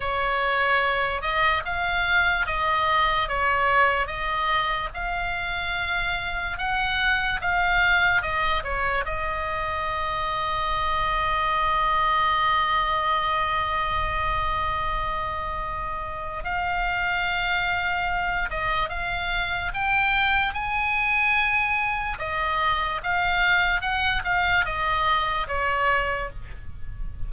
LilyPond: \new Staff \with { instrumentName = "oboe" } { \time 4/4 \tempo 4 = 73 cis''4. dis''8 f''4 dis''4 | cis''4 dis''4 f''2 | fis''4 f''4 dis''8 cis''8 dis''4~ | dis''1~ |
dis''1 | f''2~ f''8 dis''8 f''4 | g''4 gis''2 dis''4 | f''4 fis''8 f''8 dis''4 cis''4 | }